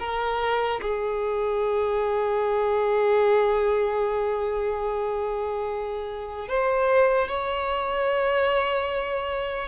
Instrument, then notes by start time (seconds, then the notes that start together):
violin
0.00 A#4
0.82 G#4
6.49 C5
7.29 C#5